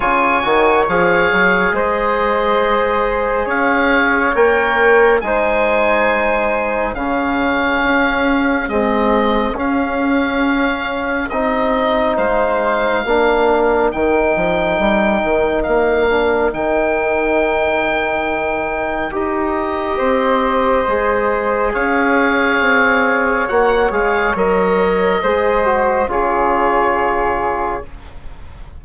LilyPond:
<<
  \new Staff \with { instrumentName = "oboe" } { \time 4/4 \tempo 4 = 69 gis''4 f''4 dis''2 | f''4 g''4 gis''2 | f''2 dis''4 f''4~ | f''4 dis''4 f''2 |
g''2 f''4 g''4~ | g''2 dis''2~ | dis''4 f''2 fis''8 f''8 | dis''2 cis''2 | }
  \new Staff \with { instrumentName = "flute" } { \time 4/4 cis''2 c''2 | cis''2 c''2 | gis'1~ | gis'2 c''4 ais'4~ |
ais'1~ | ais'2. c''4~ | c''4 cis''2.~ | cis''4 c''4 gis'2 | }
  \new Staff \with { instrumentName = "trombone" } { \time 4/4 f'8 fis'8 gis'2.~ | gis'4 ais'4 dis'2 | cis'2 gis4 cis'4~ | cis'4 dis'2 d'4 |
dis'2~ dis'8 d'8 dis'4~ | dis'2 g'2 | gis'2. fis'8 gis'8 | ais'4 gis'8 fis'8 f'2 | }
  \new Staff \with { instrumentName = "bassoon" } { \time 4/4 cis8 dis8 f8 fis8 gis2 | cis'4 ais4 gis2 | cis4 cis'4 c'4 cis'4~ | cis'4 c'4 gis4 ais4 |
dis8 f8 g8 dis8 ais4 dis4~ | dis2 dis'4 c'4 | gis4 cis'4 c'4 ais8 gis8 | fis4 gis4 cis2 | }
>>